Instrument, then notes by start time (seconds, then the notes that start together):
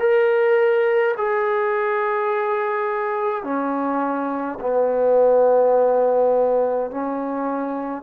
trombone
0.00 A#4
1.17 G#4
3.44 C#4
4.60 B3
6.91 C#4